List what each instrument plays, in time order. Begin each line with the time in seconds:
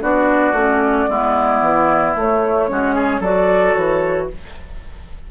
0.00 bassoon B3, clarinet D4, oboe F#4, flute D5
0.52 bassoon A3, clarinet C#4
1.09 bassoon G#3, clarinet B3, oboe E4
1.61 bassoon E3
2.15 bassoon A3, clarinet A3, flute C#5
2.68 bassoon G#3, clarinet C#4, oboe F#4
2.95 oboe G#4
3.20 bassoon F#3, clarinet F#4, oboe A4, flute D5
3.74 bassoon E3, flute C#5